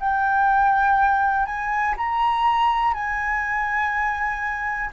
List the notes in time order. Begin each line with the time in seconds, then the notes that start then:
0.00 G5
1.46 G#5
1.97 A#5
2.94 G#5